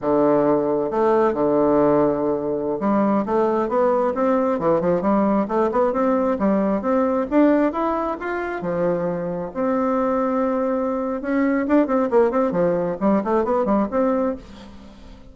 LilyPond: \new Staff \with { instrumentName = "bassoon" } { \time 4/4 \tempo 4 = 134 d2 a4 d4~ | d2~ d16 g4 a8.~ | a16 b4 c'4 e8 f8 g8.~ | g16 a8 b8 c'4 g4 c'8.~ |
c'16 d'4 e'4 f'4 f8.~ | f4~ f16 c'2~ c'8.~ | c'4 cis'4 d'8 c'8 ais8 c'8 | f4 g8 a8 b8 g8 c'4 | }